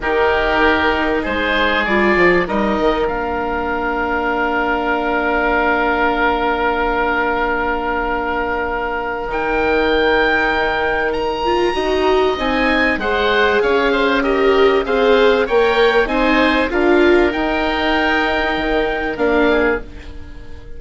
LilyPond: <<
  \new Staff \with { instrumentName = "oboe" } { \time 4/4 \tempo 4 = 97 ais'2 c''4 d''4 | dis''4 f''2.~ | f''1~ | f''2. g''4~ |
g''2 ais''2 | gis''4 fis''4 f''4 dis''4 | f''4 g''4 gis''4 f''4 | g''2. f''4 | }
  \new Staff \with { instrumentName = "oboe" } { \time 4/4 g'2 gis'2 | ais'1~ | ais'1~ | ais'1~ |
ais'2. dis''4~ | dis''4 c''4 cis''8 c''8 ais'4 | c''4 cis''4 c''4 ais'4~ | ais'2.~ ais'8 gis'8 | }
  \new Staff \with { instrumentName = "viola" } { \time 4/4 dis'2. f'4 | dis'4 d'2.~ | d'1~ | d'2. dis'4~ |
dis'2~ dis'8 f'8 fis'4 | dis'4 gis'2 g'4 | gis'4 ais'4 dis'4 f'4 | dis'2. d'4 | }
  \new Staff \with { instrumentName = "bassoon" } { \time 4/4 dis2 gis4 g8 f8 | g8 dis8 ais2.~ | ais1~ | ais2. dis4~ |
dis2. dis'4 | c'4 gis4 cis'2 | c'4 ais4 c'4 d'4 | dis'2 dis4 ais4 | }
>>